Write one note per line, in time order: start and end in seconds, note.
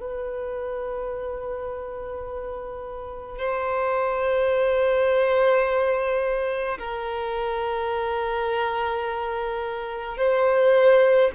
0.00 3.39 B4
3.39 6.78 C5
6.79 10.17 A#4
10.17 11.31 C5